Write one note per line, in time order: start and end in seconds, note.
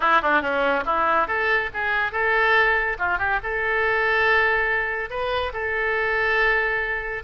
0.00 0.21 E4
0.22 0.41 D4
0.41 0.84 C#4
0.85 1.27 E4
1.27 1.70 A4
1.73 2.12 G#4
2.12 2.97 A4
2.98 3.18 F4
3.18 3.39 G4
3.43 5.09 A4
5.09 5.52 B4
5.53 7.23 A4